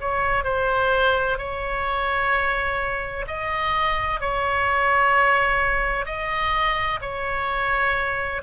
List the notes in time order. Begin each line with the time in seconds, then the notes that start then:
0.00 C#5
0.44 C5
1.38 C#5
3.27 D#5
4.20 C#5
6.05 D#5
7.01 C#5